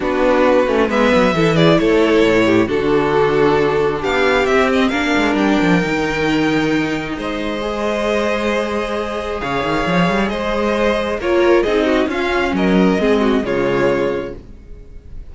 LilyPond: <<
  \new Staff \with { instrumentName = "violin" } { \time 4/4 \tempo 4 = 134 b'2 e''4. d''8 | cis''2 a'2~ | a'4 f''4 e''8 dis''8 f''4 | g''1 |
dis''1~ | dis''4 f''2 dis''4~ | dis''4 cis''4 dis''4 f''4 | dis''2 cis''2 | }
  \new Staff \with { instrumentName = "violin" } { \time 4/4 fis'2 b'4 a'8 gis'8 | a'4. g'8 fis'2~ | fis'4 g'2 ais'4~ | ais'1 |
c''1~ | c''4 cis''2 c''4~ | c''4 ais'4 gis'8 fis'8 f'4 | ais'4 gis'8 fis'8 f'2 | }
  \new Staff \with { instrumentName = "viola" } { \time 4/4 d'4. cis'8 b4 e'4~ | e'2 d'2~ | d'2 c'4 d'4~ | d'4 dis'2.~ |
dis'4 gis'2.~ | gis'1~ | gis'4 f'4 dis'4 cis'4~ | cis'4 c'4 gis2 | }
  \new Staff \with { instrumentName = "cello" } { \time 4/4 b4. a8 gis8 fis8 e4 | a4 a,4 d2~ | d4 b4 c'4 ais8 gis8 | g8 f8 dis2. |
gis1~ | gis4 cis8 dis8 f8 g8 gis4~ | gis4 ais4 c'4 cis'4 | fis4 gis4 cis2 | }
>>